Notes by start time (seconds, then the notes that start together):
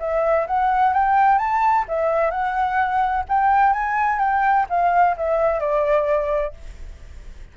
0.00 E5
0.47 F#5
0.94 G5
1.38 A5
1.88 E5
2.31 F#5
3.29 G5
3.73 G#5
4.19 G5
4.70 F5
5.17 E5
5.60 D5